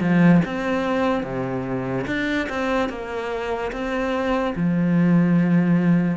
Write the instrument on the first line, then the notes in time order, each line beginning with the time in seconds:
cello
0.00 F3
0.45 C4
1.23 C3
2.07 D4
2.49 C4
2.89 A#3
3.71 C4
4.55 F3